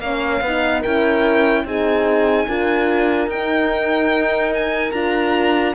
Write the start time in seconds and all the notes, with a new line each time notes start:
0.00 A#3 C#4 C#5 F5
0.41 B3 D#4 B4
0.81 C#4 E4 A#4 G5
1.65 C4 D#4 G#4 G#5
2.48 D4 F4 A#4
3.28 D#4 G5
4.54 G#5
4.92 D4 F4 A#5